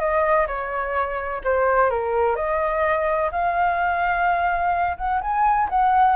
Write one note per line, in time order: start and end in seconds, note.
0.00 0.47 D#5
0.48 1.42 C#5
1.45 1.90 C5
1.90 2.36 A#4
2.36 3.31 D#5
3.32 4.97 F5
4.97 5.21 F#5
5.22 5.69 G#5
5.70 6.17 F#5